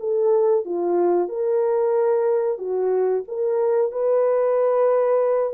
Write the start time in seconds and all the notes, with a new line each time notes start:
0.00 A4
0.65 F4
1.29 A#4
2.58 F#4
3.28 A#4
3.92 B4